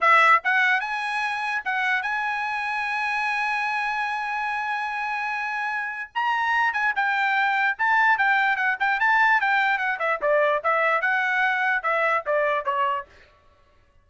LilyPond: \new Staff \with { instrumentName = "trumpet" } { \time 4/4 \tempo 4 = 147 e''4 fis''4 gis''2 | fis''4 gis''2.~ | gis''1~ | gis''2. ais''4~ |
ais''8 gis''8 g''2 a''4 | g''4 fis''8 g''8 a''4 g''4 | fis''8 e''8 d''4 e''4 fis''4~ | fis''4 e''4 d''4 cis''4 | }